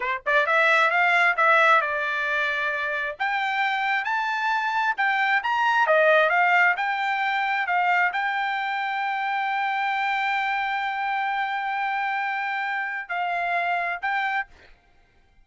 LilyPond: \new Staff \with { instrumentName = "trumpet" } { \time 4/4 \tempo 4 = 133 c''8 d''8 e''4 f''4 e''4 | d''2. g''4~ | g''4 a''2 g''4 | ais''4 dis''4 f''4 g''4~ |
g''4 f''4 g''2~ | g''1~ | g''1~ | g''4 f''2 g''4 | }